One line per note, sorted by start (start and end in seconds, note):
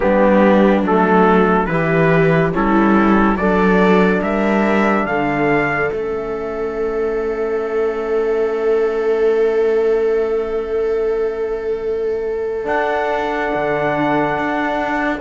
0.00 0.82 G3
0.00 0.84 B3
0.00 1.70 D4
0.00 0.84 G4
0.82 1.66 F#3
0.82 1.68 A3
0.82 1.66 A4
1.66 2.52 E3
1.66 2.52 E4
1.66 2.54 G4
1.66 2.50 B4
2.52 3.36 G3
2.52 3.37 C#4
2.52 3.38 E4
2.52 3.36 A4
3.36 4.20 F#3
3.36 5.93 D4
3.36 4.21 A4
3.36 4.21 D5
4.21 5.05 G3
4.21 5.06 A#4
4.21 5.06 E5
5.05 5.90 D3
5.05 15.20 A4
5.05 5.89 F5
5.89 12.66 A3
5.89 12.64 C#4
5.89 12.65 E5
12.64 15.18 D4
12.64 13.51 D4
12.64 15.20 F#5
13.55 14.38 D3
14.38 15.20 D4